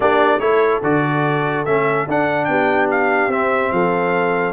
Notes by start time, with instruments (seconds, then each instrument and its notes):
0.00 tuba A#3, trombone D4, horn G4, trumpet D5
0.39 tuba A3, trombone E4, horn A4, trumpet C#5
0.83 tuba D3, trombone F#4, trumpet D5
1.65 tuba A3, trombone C#4, trumpet E5
2.07 tuba D4, trombone D4, trumpet F#5
2.44 tuba B3, horn G4, trumpet G5
2.90 trumpet F5
3.27 tuba C4, trombone C4, trumpet E5
3.71 tuba F3, horn A4, trumpet F5